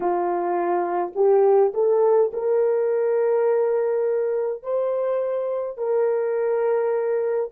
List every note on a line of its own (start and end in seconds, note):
0.00 1.13 F4
1.15 1.73 G4
1.74 2.31 A4
2.33 4.63 A#4
4.63 5.77 C5
5.77 7.50 A#4